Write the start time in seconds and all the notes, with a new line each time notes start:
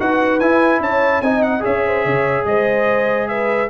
0.00 D#4 F#4 B4 F#5
0.40 E4 G#5
0.80 C#4 C#5 A5
1.22 C4 D#4 D#5 G#5
1.43 F#5
1.60 G#4 C#5 E5
1.67 C#4
1.87 C5
2.05 C#3 C#5
2.46 G#3 C5 D#5
3.29 B4 E5